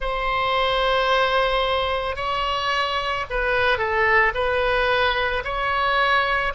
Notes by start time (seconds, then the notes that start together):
0.00 C5
2.16 C#5
3.30 B4
3.77 A4
4.34 B4
5.44 C#5